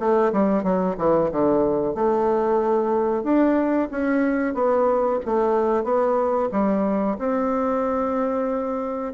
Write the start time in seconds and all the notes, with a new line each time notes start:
0.00 A3
0.33 G3
0.64 F#3
0.98 E3
1.32 D3
1.95 A3
3.24 D4
3.91 C#4
4.55 B3
5.26 A3
5.84 B3
6.52 G3
7.19 C4